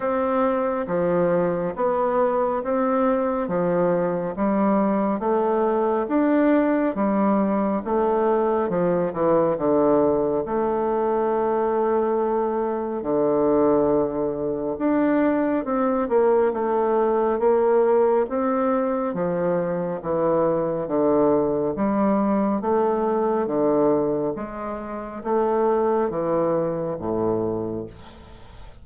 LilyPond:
\new Staff \with { instrumentName = "bassoon" } { \time 4/4 \tempo 4 = 69 c'4 f4 b4 c'4 | f4 g4 a4 d'4 | g4 a4 f8 e8 d4 | a2. d4~ |
d4 d'4 c'8 ais8 a4 | ais4 c'4 f4 e4 | d4 g4 a4 d4 | gis4 a4 e4 a,4 | }